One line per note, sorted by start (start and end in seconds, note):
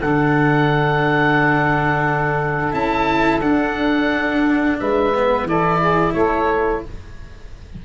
0.00 2.73 D3
0.00 2.72 D4
0.00 4.77 A4
0.00 2.73 F#5
2.72 3.41 C#4
2.72 3.40 E4
2.72 3.41 A5
3.41 4.77 D4
3.41 5.13 D4
3.41 4.77 F#5
4.79 5.43 G#3
4.79 5.47 B4
4.79 5.47 E5
5.14 5.48 B3
5.43 6.12 E3
5.43 6.84 E4
5.43 5.80 A4
5.43 6.13 D5
5.80 6.14 G#4
6.13 6.82 A3
6.13 6.83 A4
6.13 6.81 C#5